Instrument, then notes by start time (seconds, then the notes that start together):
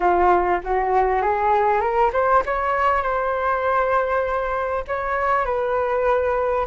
flute
0.00 F4
0.63 F#4
1.21 G#4
1.80 A#4
2.12 C5
2.45 C#5
3.02 C5
4.87 C#5
5.45 B4